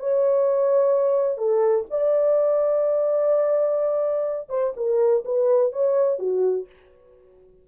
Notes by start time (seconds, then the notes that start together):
0.00 C#5
1.38 A4
1.91 D5
4.50 C5
4.77 A#4
5.25 B4
5.73 C#5
6.19 F#4